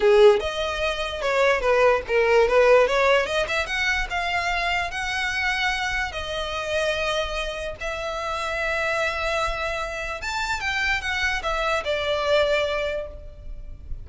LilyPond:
\new Staff \with { instrumentName = "violin" } { \time 4/4 \tempo 4 = 147 gis'4 dis''2 cis''4 | b'4 ais'4 b'4 cis''4 | dis''8 e''8 fis''4 f''2 | fis''2. dis''4~ |
dis''2. e''4~ | e''1~ | e''4 a''4 g''4 fis''4 | e''4 d''2. | }